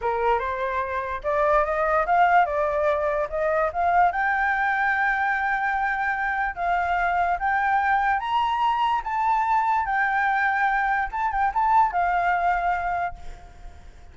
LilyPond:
\new Staff \with { instrumentName = "flute" } { \time 4/4 \tempo 4 = 146 ais'4 c''2 d''4 | dis''4 f''4 d''2 | dis''4 f''4 g''2~ | g''1 |
f''2 g''2 | ais''2 a''2 | g''2. a''8 g''8 | a''4 f''2. | }